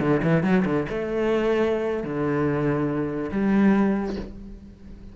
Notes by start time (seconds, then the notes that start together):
0.00 D3
0.22 E3
0.43 F#3
0.65 D3
0.89 A3
2.04 D3
3.31 G3